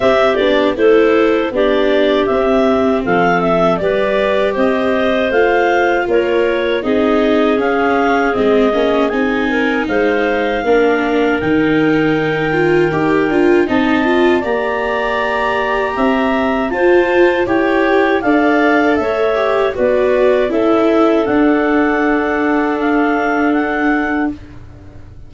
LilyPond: <<
  \new Staff \with { instrumentName = "clarinet" } { \time 4/4 \tempo 4 = 79 e''8 d''8 c''4 d''4 e''4 | f''8 e''8 d''4 dis''4 f''4 | cis''4 dis''4 f''4 dis''4 | gis''4 f''2 g''4~ |
g''2 a''4 ais''4~ | ais''2 a''4 g''4 | f''4 e''4 d''4 e''4 | fis''2 f''4 fis''4 | }
  \new Staff \with { instrumentName = "clarinet" } { \time 4/4 g'4 a'4 g'2 | a'4 b'4 c''2 | ais'4 gis'2.~ | gis'8 ais'8 c''4 ais'2~ |
ais'2 dis''4 d''4~ | d''4 e''4 c''4 cis''4 | d''4 cis''4 b'4 a'4~ | a'1 | }
  \new Staff \with { instrumentName = "viola" } { \time 4/4 c'8 d'8 e'4 d'4 c'4~ | c'4 g'2 f'4~ | f'4 dis'4 cis'4 c'8 cis'8 | dis'2 d'4 dis'4~ |
dis'8 f'8 g'8 f'8 dis'8 f'8 g'4~ | g'2 f'4 g'4 | a'4. g'8 fis'4 e'4 | d'1 | }
  \new Staff \with { instrumentName = "tuba" } { \time 4/4 c'8 b8 a4 b4 c'4 | f4 g4 c'4 a4 | ais4 c'4 cis'4 gis8 ais8 | c'4 gis4 ais4 dis4~ |
dis4 dis'8 d'8 c'4 ais4~ | ais4 c'4 f'4 e'4 | d'4 a4 b4 cis'4 | d'1 | }
>>